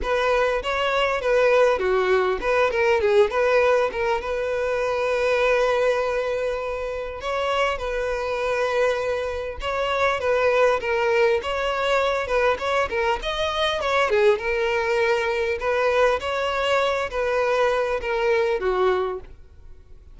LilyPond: \new Staff \with { instrumentName = "violin" } { \time 4/4 \tempo 4 = 100 b'4 cis''4 b'4 fis'4 | b'8 ais'8 gis'8 b'4 ais'8 b'4~ | b'1 | cis''4 b'2. |
cis''4 b'4 ais'4 cis''4~ | cis''8 b'8 cis''8 ais'8 dis''4 cis''8 gis'8 | ais'2 b'4 cis''4~ | cis''8 b'4. ais'4 fis'4 | }